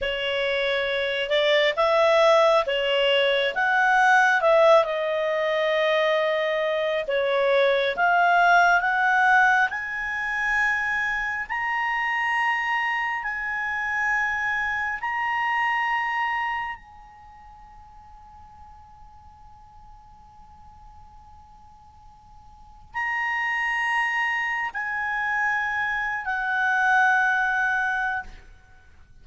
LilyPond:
\new Staff \with { instrumentName = "clarinet" } { \time 4/4 \tempo 4 = 68 cis''4. d''8 e''4 cis''4 | fis''4 e''8 dis''2~ dis''8 | cis''4 f''4 fis''4 gis''4~ | gis''4 ais''2 gis''4~ |
gis''4 ais''2 gis''4~ | gis''1~ | gis''2 ais''2 | gis''4.~ gis''16 fis''2~ fis''16 | }